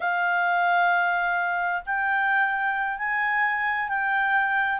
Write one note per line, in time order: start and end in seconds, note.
0.00 1.83 F5
1.85 2.98 G5
2.98 3.88 G#5
3.88 4.79 G5